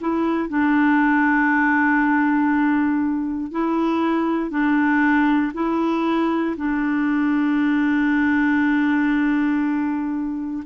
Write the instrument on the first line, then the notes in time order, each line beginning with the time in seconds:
clarinet
0.00 E4
0.49 D4
3.51 E4
4.50 D4
5.53 E4
6.57 D4